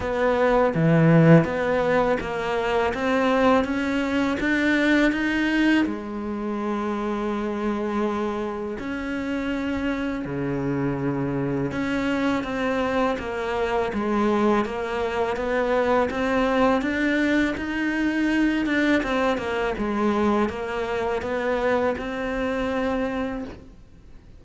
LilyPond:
\new Staff \with { instrumentName = "cello" } { \time 4/4 \tempo 4 = 82 b4 e4 b4 ais4 | c'4 cis'4 d'4 dis'4 | gis1 | cis'2 cis2 |
cis'4 c'4 ais4 gis4 | ais4 b4 c'4 d'4 | dis'4. d'8 c'8 ais8 gis4 | ais4 b4 c'2 | }